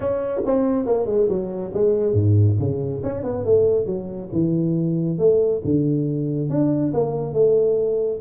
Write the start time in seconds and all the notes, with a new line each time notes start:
0.00 C#4
0.46 C4
0.86 A#3
1.06 G#3
1.28 F#3
1.73 G#3
2.13 G#2
2.59 C#3
3.03 C#4
3.23 B3
3.45 A3
3.86 F#3
4.32 E3
5.18 A3
5.64 D3
6.49 D4
6.93 A#3
7.33 A3